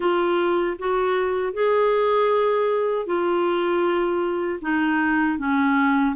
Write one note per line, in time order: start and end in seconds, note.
0.00 0.77 F4
0.78 1.53 F#4
1.53 3.06 G#4
3.06 4.59 F4
4.61 5.38 D#4
5.38 6.15 C#4